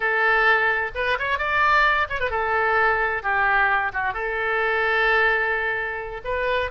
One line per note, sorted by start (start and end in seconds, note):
0.00 0.91 A4
0.94 1.17 B4
1.19 1.38 C#5
1.38 2.07 D5
2.09 2.20 C#5
2.20 2.30 B4
2.30 3.22 A4
3.22 3.92 G4
3.93 4.13 F#4
4.13 6.21 A4
6.24 6.70 B4